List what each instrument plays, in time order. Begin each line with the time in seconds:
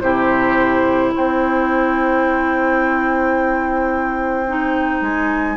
0.00 bassoon C3, clarinet E4, oboe G4, flute C5
1.14 bassoon C4, oboe C5, flute G5
4.47 clarinet D#4
5.01 bassoon G#3, flute G#5